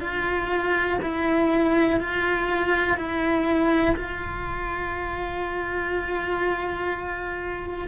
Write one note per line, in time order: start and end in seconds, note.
0.00 0.98 F4
1.02 1.99 E4
1.99 2.97 F4
2.97 3.95 E4
3.96 7.88 F4